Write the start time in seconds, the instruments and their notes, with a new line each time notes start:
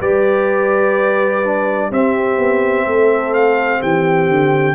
0.00 tuba G3, trombone G4, horn B4, trumpet D5
1.45 trombone D4
1.91 tuba C4, trombone C4, horn G4, trumpet E5
2.38 tuba B3
2.86 tuba A3, horn A4
3.34 trumpet F5
3.80 tuba E3, horn G4, trumpet G5
4.29 tuba D3